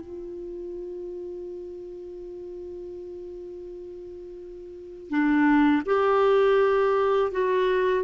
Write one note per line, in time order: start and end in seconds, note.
0.00 5.09 F4
5.09 5.82 D4
5.85 7.31 G4
7.31 8.04 F#4